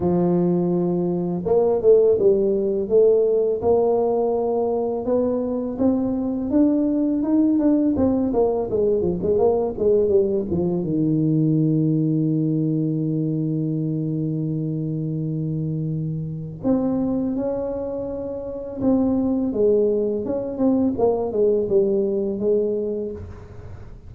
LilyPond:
\new Staff \with { instrumentName = "tuba" } { \time 4/4 \tempo 4 = 83 f2 ais8 a8 g4 | a4 ais2 b4 | c'4 d'4 dis'8 d'8 c'8 ais8 | gis8 f16 gis16 ais8 gis8 g8 f8 dis4~ |
dis1~ | dis2. c'4 | cis'2 c'4 gis4 | cis'8 c'8 ais8 gis8 g4 gis4 | }